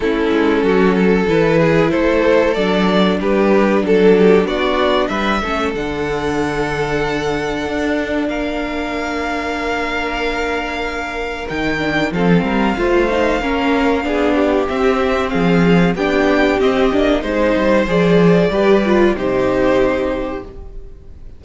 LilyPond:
<<
  \new Staff \with { instrumentName = "violin" } { \time 4/4 \tempo 4 = 94 a'2 b'4 c''4 | d''4 b'4 a'4 d''4 | e''4 fis''2.~ | fis''4 f''2.~ |
f''2 g''4 f''4~ | f''2. e''4 | f''4 g''4 dis''4 c''4 | d''2 c''2 | }
  \new Staff \with { instrumentName = "violin" } { \time 4/4 e'4 fis'8 a'4 gis'8 a'4~ | a'4 g'4 a'8 g'8 fis'4 | b'8 a'2.~ a'8~ | a'4 ais'2.~ |
ais'2. a'8 ais'8 | c''4 ais'4 gis'8 g'4. | gis'4 g'2 c''4~ | c''4 b'4 g'2 | }
  \new Staff \with { instrumentName = "viola" } { \time 4/4 cis'2 e'2 | d'1~ | d'8 cis'8 d'2.~ | d'1~ |
d'2 dis'8 d'8 c'4 | f'8 dis'8 cis'4 d'4 c'4~ | c'4 d'4 c'8 d'8 dis'4 | gis'4 g'8 f'8 dis'2 | }
  \new Staff \with { instrumentName = "cello" } { \time 4/4 a8 gis8 fis4 e4 a4 | fis4 g4 fis4 b4 | g8 a8 d2. | d'4 ais2.~ |
ais2 dis4 f8 g8 | a4 ais4 b4 c'4 | f4 b4 c'8 ais8 gis8 g8 | f4 g4 c2 | }
>>